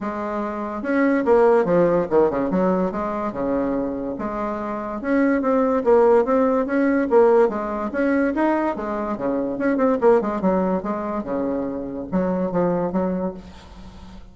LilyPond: \new Staff \with { instrumentName = "bassoon" } { \time 4/4 \tempo 4 = 144 gis2 cis'4 ais4 | f4 dis8 cis8 fis4 gis4 | cis2 gis2 | cis'4 c'4 ais4 c'4 |
cis'4 ais4 gis4 cis'4 | dis'4 gis4 cis4 cis'8 c'8 | ais8 gis8 fis4 gis4 cis4~ | cis4 fis4 f4 fis4 | }